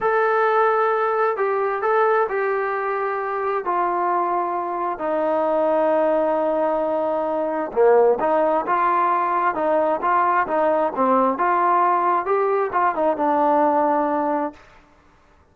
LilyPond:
\new Staff \with { instrumentName = "trombone" } { \time 4/4 \tempo 4 = 132 a'2. g'4 | a'4 g'2. | f'2. dis'4~ | dis'1~ |
dis'4 ais4 dis'4 f'4~ | f'4 dis'4 f'4 dis'4 | c'4 f'2 g'4 | f'8 dis'8 d'2. | }